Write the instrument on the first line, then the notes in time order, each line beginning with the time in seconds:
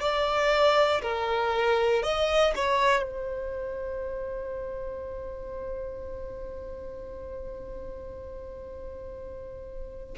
violin
0.00 D5
1.02 A#4
2.03 D#5
2.55 C#5
3.03 C5